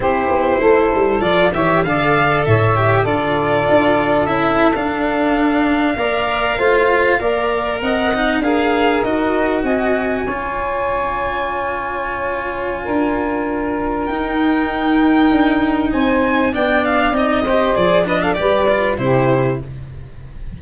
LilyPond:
<<
  \new Staff \with { instrumentName = "violin" } { \time 4/4 \tempo 4 = 98 c''2 d''8 e''8 f''4 | e''4 d''2 e''8. f''16~ | f''1~ | f''8. fis''4 f''4 dis''4 gis''16~ |
gis''1~ | gis''2. g''4~ | g''2 gis''4 g''8 f''8 | dis''4 d''8 dis''16 f''16 d''4 c''4 | }
  \new Staff \with { instrumentName = "saxophone" } { \time 4/4 g'4 a'4. cis''8 d''4 | cis''4 a'2.~ | a'4.~ a'16 d''4 c''4 d''16~ | d''8. dis''4 ais'2 dis''16~ |
dis''8. cis''2.~ cis''16~ | cis''4 ais'2.~ | ais'2 c''4 d''4~ | d''8 c''4 b'16 a'16 b'4 g'4 | }
  \new Staff \with { instrumentName = "cello" } { \time 4/4 e'2 f'8 g'8 a'4~ | a'8 g'8 f'2 e'8. d'16~ | d'4.~ d'16 ais'4 f'4 ais'16~ | ais'4~ ais'16 dis'8 gis'4 fis'4~ fis'16~ |
fis'8. f'2.~ f'16~ | f'2. dis'4~ | dis'2. d'4 | dis'8 g'8 gis'8 d'8 g'8 f'8 e'4 | }
  \new Staff \with { instrumentName = "tuba" } { \time 4/4 c'8 b8 a8 g8 f8 e8 d4 | a,4 d4 d'4 cis'8. d'16~ | d'4.~ d'16 ais4 a4 ais16~ | ais8. c'4 d'4 dis'4 c'16~ |
c'8. cis'2.~ cis'16~ | cis'4 d'2 dis'4~ | dis'4 d'4 c'4 b4 | c'4 f4 g4 c4 | }
>>